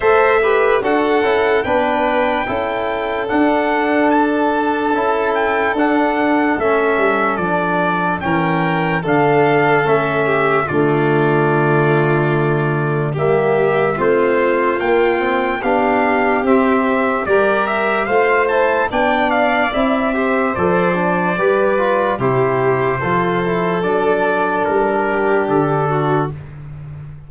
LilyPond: <<
  \new Staff \with { instrumentName = "trumpet" } { \time 4/4 \tempo 4 = 73 e''4 fis''4 g''2 | fis''4 a''4. g''8 fis''4 | e''4 d''4 g''4 f''4 | e''4 d''2. |
e''4 c''4 g''4 f''4 | e''4 d''8 e''8 f''8 a''8 g''8 f''8 | e''4 d''2 c''4~ | c''4 d''4 ais'4 a'4 | }
  \new Staff \with { instrumentName = "violin" } { \time 4/4 c''8 b'8 a'4 b'4 a'4~ | a'1~ | a'2 ais'4 a'4~ | a'8 g'8 f'2. |
g'4 f'2 g'4~ | g'4 ais'4 c''4 d''4~ | d''8 c''4. b'4 g'4 | a'2~ a'8 g'4 fis'8 | }
  \new Staff \with { instrumentName = "trombone" } { \time 4/4 a'8 g'8 fis'8 e'8 d'4 e'4 | d'2 e'4 d'4 | cis'4 d'4 cis'4 d'4 | cis'4 a2. |
ais4 c'4 ais8 c'8 d'4 | c'4 g'4 f'8 e'8 d'4 | e'8 g'8 a'8 d'8 g'8 f'8 e'4 | f'8 e'8 d'2. | }
  \new Staff \with { instrumentName = "tuba" } { \time 4/4 a4 d'8 cis'8 b4 cis'4 | d'2 cis'4 d'4 | a8 g8 f4 e4 d4 | a4 d2. |
g4 a4 ais4 b4 | c'4 g4 a4 b4 | c'4 f4 g4 c4 | f4 fis4 g4 d4 | }
>>